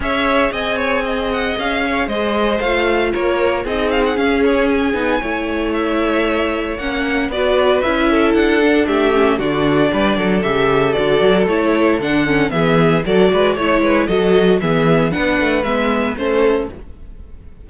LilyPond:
<<
  \new Staff \with { instrumentName = "violin" } { \time 4/4 \tempo 4 = 115 e''4 gis''4. fis''8 f''4 | dis''4 f''4 cis''4 dis''8 f''16 fis''16 | f''8 cis''8 gis''2 e''4~ | e''4 fis''4 d''4 e''4 |
fis''4 e''4 d''2 | e''4 d''4 cis''4 fis''4 | e''4 d''4 cis''4 dis''4 | e''4 fis''4 e''4 c''4 | }
  \new Staff \with { instrumentName = "violin" } { \time 4/4 cis''4 dis''8 cis''8 dis''4. cis''8 | c''2 ais'4 gis'4~ | gis'2 cis''2~ | cis''2 b'4. a'8~ |
a'4 g'4 fis'4 b'8 a'8~ | a'1 | gis'4 a'8 b'8 cis''8 b'8 a'4 | gis'4 b'2 a'4 | }
  \new Staff \with { instrumentName = "viola" } { \time 4/4 gis'1~ | gis'4 f'2 dis'4 | cis'4. dis'8 e'2~ | e'4 cis'4 fis'4 e'4~ |
e'8 d'4 cis'8 d'2 | g'4 fis'4 e'4 d'8 cis'8 | b4 fis'4 e'4 fis'4 | b4 d'4 b4 cis'4 | }
  \new Staff \with { instrumentName = "cello" } { \time 4/4 cis'4 c'2 cis'4 | gis4 a4 ais4 c'4 | cis'4. b8 a2~ | a4 ais4 b4 cis'4 |
d'4 a4 d4 g8 fis8 | cis4 d8 fis8 a4 d4 | e4 fis8 gis8 a8 gis8 fis4 | e4 b8 a8 gis4 a4 | }
>>